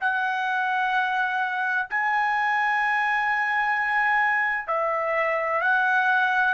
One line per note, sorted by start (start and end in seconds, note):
0.00 1.87 F#5
1.89 4.67 G#5
4.67 5.61 E5
5.61 6.54 F#5